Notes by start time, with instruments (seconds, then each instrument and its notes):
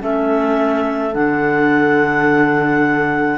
0.00 cello A3, clarinet C#4 E5, horn A4
1.12 cello D3, clarinet D4 F#5